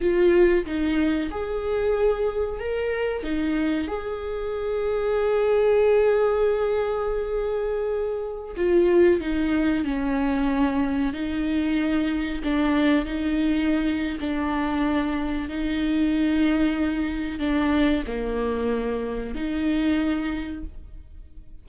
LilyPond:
\new Staff \with { instrumentName = "viola" } { \time 4/4 \tempo 4 = 93 f'4 dis'4 gis'2 | ais'4 dis'4 gis'2~ | gis'1~ | gis'4~ gis'16 f'4 dis'4 cis'8.~ |
cis'4~ cis'16 dis'2 d'8.~ | d'16 dis'4.~ dis'16 d'2 | dis'2. d'4 | ais2 dis'2 | }